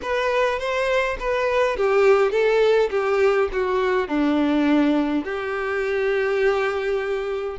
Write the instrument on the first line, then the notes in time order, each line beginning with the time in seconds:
violin
0.02 B4
0.59 C5
1.19 B4
1.76 G4
2.31 A4
2.90 G4
3.52 F#4
4.08 D4
5.24 G4